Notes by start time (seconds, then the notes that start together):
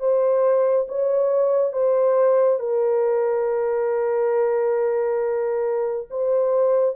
0.00 C5
0.88 C#5
1.73 C5
2.60 A#4
6.10 C5